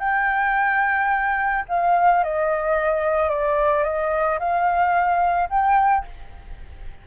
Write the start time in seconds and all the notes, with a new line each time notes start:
0.00 G5
1.69 F5
2.24 D#5
3.30 D5
3.84 D#5
4.40 F5
5.50 G5